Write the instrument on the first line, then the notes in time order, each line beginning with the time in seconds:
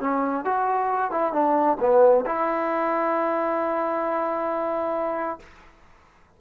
trombone
0.00 C#4
0.45 F#4
1.11 E4
1.33 D4
1.80 B3
2.26 E4